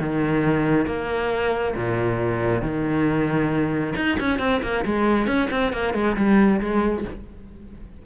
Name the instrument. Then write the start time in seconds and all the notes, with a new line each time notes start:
cello
0.00 D#3
0.86 A#3
1.75 A#2
2.62 D#3
3.96 D#4
4.20 C#4
4.39 C4
4.63 A#3
4.85 G#3
5.27 C#4
5.51 C4
5.73 A#3
5.94 G#3
6.17 G3
6.60 G#3